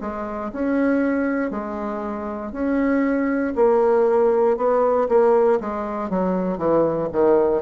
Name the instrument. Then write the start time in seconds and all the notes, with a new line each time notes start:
bassoon
0.00 G#3
0.52 C#4
1.50 G#3
2.51 C#4
3.55 A#3
4.57 B3
5.08 A#3
5.60 G#3
6.10 F#3
6.57 E3
7.12 D#3